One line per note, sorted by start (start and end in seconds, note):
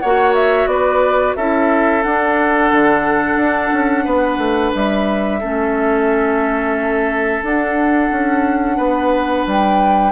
0.00 0.67 A#3
0.00 1.39 F#4
0.00 0.70 C#5
0.00 0.34 F#5
0.35 0.68 E5
0.67 1.34 B3
0.67 1.37 B4
0.67 1.35 D5
1.36 2.05 C#4
1.36 2.04 E4
1.36 4.05 A4
1.36 2.03 E5
2.03 5.41 D4
2.03 2.72 D4
2.03 4.73 F#5
2.72 3.37 D3
3.37 3.71 D4
3.73 4.06 C#4
4.05 4.38 B3
4.05 5.40 B4
4.38 4.72 A3
4.75 5.43 G3
4.75 7.45 E5
5.41 7.43 A3
5.41 7.44 C#4
5.41 8.77 A4
7.43 8.10 D4
7.43 10.12 D4
7.43 9.48 F#5
8.12 8.79 C#4
8.77 9.46 B3
8.77 10.12 B4
9.47 10.12 G3
9.47 10.12 G5